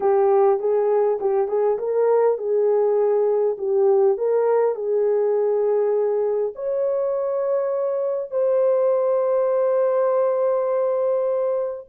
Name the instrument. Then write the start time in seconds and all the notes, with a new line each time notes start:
horn
0.00 G4
0.59 G#4
1.20 G4
1.48 G#4
1.78 A#4
2.38 G#4
3.58 G4
4.17 A#4
4.75 G#4
6.55 C#5
8.31 C5